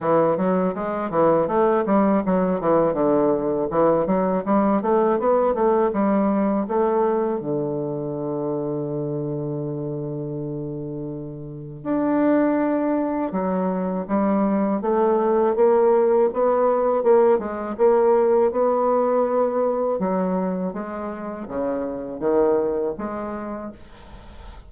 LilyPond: \new Staff \with { instrumentName = "bassoon" } { \time 4/4 \tempo 4 = 81 e8 fis8 gis8 e8 a8 g8 fis8 e8 | d4 e8 fis8 g8 a8 b8 a8 | g4 a4 d2~ | d1 |
d'2 fis4 g4 | a4 ais4 b4 ais8 gis8 | ais4 b2 fis4 | gis4 cis4 dis4 gis4 | }